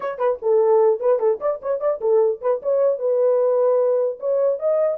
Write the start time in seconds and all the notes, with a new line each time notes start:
0.00 C#5
0.18 B4
0.42 A4
1.00 B4
1.19 A4
1.40 D5
1.61 C#5
1.79 D5
2.00 A4
2.41 B4
2.62 C#5
2.98 B4
4.19 C#5
4.59 D#5